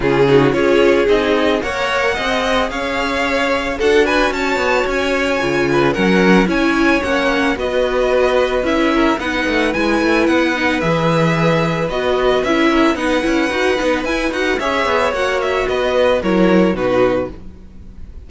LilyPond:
<<
  \new Staff \with { instrumentName = "violin" } { \time 4/4 \tempo 4 = 111 gis'4 cis''4 dis''4 fis''4~ | fis''4 f''2 fis''8 gis''8 | a''4 gis''2 fis''4 | gis''4 fis''4 dis''2 |
e''4 fis''4 gis''4 fis''4 | e''2 dis''4 e''4 | fis''2 gis''8 fis''8 e''4 | fis''8 e''8 dis''4 cis''4 b'4 | }
  \new Staff \with { instrumentName = "violin" } { \time 4/4 f'8 fis'8 gis'2 cis''4 | dis''4 cis''2 a'8 b'8 | cis''2~ cis''8 b'8 ais'4 | cis''2 b'2~ |
b'8 ais'8 b'2.~ | b'2.~ b'8 ais'8 | b'2. cis''4~ | cis''4 b'4 ais'4 fis'4 | }
  \new Staff \with { instrumentName = "viola" } { \time 4/4 cis'8 dis'8 f'4 dis'4 ais'4 | gis'2. fis'4~ | fis'2 f'4 cis'4 | e'4 cis'4 fis'2 |
e'4 dis'4 e'4. dis'8 | gis'2 fis'4 e'4 | dis'8 e'8 fis'8 dis'8 e'8 fis'8 gis'4 | fis'2 e'4 dis'4 | }
  \new Staff \with { instrumentName = "cello" } { \time 4/4 cis4 cis'4 c'4 ais4 | c'4 cis'2 d'4 | cis'8 b8 cis'4 cis4 fis4 | cis'4 ais4 b2 |
cis'4 b8 a8 gis8 a8 b4 | e2 b4 cis'4 | b8 cis'8 dis'8 b8 e'8 dis'8 cis'8 b8 | ais4 b4 fis4 b,4 | }
>>